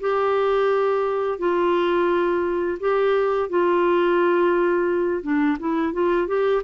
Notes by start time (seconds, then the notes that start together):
0.00 G4
1.38 F4
2.79 G4
3.49 F4
5.22 D4
5.59 E4
5.93 F4
6.27 G4